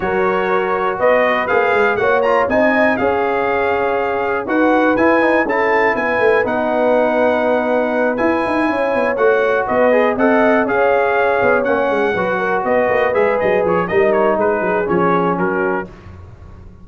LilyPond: <<
  \new Staff \with { instrumentName = "trumpet" } { \time 4/4 \tempo 4 = 121 cis''2 dis''4 f''4 | fis''8 ais''8 gis''4 f''2~ | f''4 fis''4 gis''4 a''4 | gis''4 fis''2.~ |
fis''8 gis''2 fis''4 dis''8~ | dis''8 fis''4 f''2 fis''8~ | fis''4. dis''4 e''8 dis''8 cis''8 | dis''8 cis''8 b'4 cis''4 ais'4 | }
  \new Staff \with { instrumentName = "horn" } { \time 4/4 ais'2 b'2 | cis''4 dis''4 cis''2~ | cis''4 b'2 a'4 | b'1~ |
b'4. cis''2 b'8~ | b'8 dis''4 cis''2~ cis''8~ | cis''8 b'8 ais'8 b'2~ b'8 | ais'4 gis'2 fis'4 | }
  \new Staff \with { instrumentName = "trombone" } { \time 4/4 fis'2. gis'4 | fis'8 f'8 dis'4 gis'2~ | gis'4 fis'4 e'8 dis'8 e'4~ | e'4 dis'2.~ |
dis'8 e'2 fis'4. | gis'8 a'4 gis'2 cis'8~ | cis'8 fis'2 gis'4. | dis'2 cis'2 | }
  \new Staff \with { instrumentName = "tuba" } { \time 4/4 fis2 b4 ais8 gis8 | ais4 c'4 cis'2~ | cis'4 dis'4 e'4 cis'4 | b8 a8 b2.~ |
b8 e'8 dis'8 cis'8 b8 a4 b8~ | b8 c'4 cis'4. b8 ais8 | gis8 fis4 b8 ais8 gis8 fis8 f8 | g4 gis8 fis8 f4 fis4 | }
>>